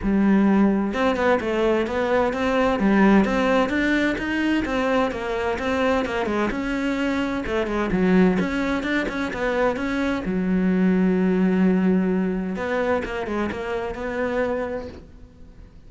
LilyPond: \new Staff \with { instrumentName = "cello" } { \time 4/4 \tempo 4 = 129 g2 c'8 b8 a4 | b4 c'4 g4 c'4 | d'4 dis'4 c'4 ais4 | c'4 ais8 gis8 cis'2 |
a8 gis8 fis4 cis'4 d'8 cis'8 | b4 cis'4 fis2~ | fis2. b4 | ais8 gis8 ais4 b2 | }